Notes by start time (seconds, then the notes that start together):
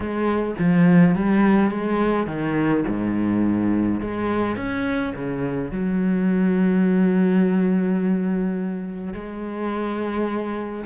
0.00 G#3
0.58 F3
1.15 G3
1.70 G#3
2.26 D#3
2.87 G#2
4.01 G#3
4.56 C#4
5.15 C#3
5.71 F#3
9.13 G#3